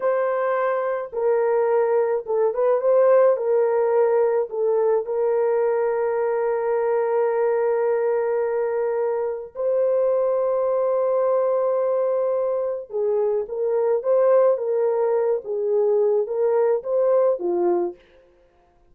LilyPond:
\new Staff \with { instrumentName = "horn" } { \time 4/4 \tempo 4 = 107 c''2 ais'2 | a'8 b'8 c''4 ais'2 | a'4 ais'2.~ | ais'1~ |
ais'4 c''2.~ | c''2. gis'4 | ais'4 c''4 ais'4. gis'8~ | gis'4 ais'4 c''4 f'4 | }